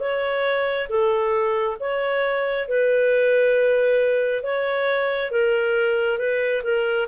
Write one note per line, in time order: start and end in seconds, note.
0.00 0.88 C#5
0.89 1.78 A4
1.80 2.69 C#5
2.69 4.44 B4
4.44 5.32 C#5
5.32 6.18 A#4
6.18 6.63 B4
6.64 7.08 A#4